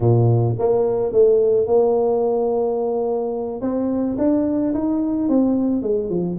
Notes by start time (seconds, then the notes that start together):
0.00 A#2
0.59 A#3
1.12 A3
1.66 A#3
3.61 C4
4.18 D4
4.74 D#4
5.29 C4
5.82 G#3
6.09 F3